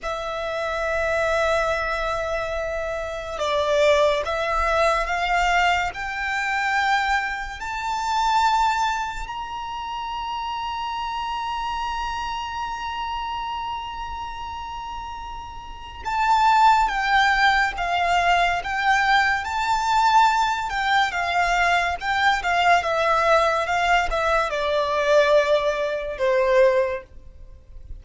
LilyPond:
\new Staff \with { instrumentName = "violin" } { \time 4/4 \tempo 4 = 71 e''1 | d''4 e''4 f''4 g''4~ | g''4 a''2 ais''4~ | ais''1~ |
ais''2. a''4 | g''4 f''4 g''4 a''4~ | a''8 g''8 f''4 g''8 f''8 e''4 | f''8 e''8 d''2 c''4 | }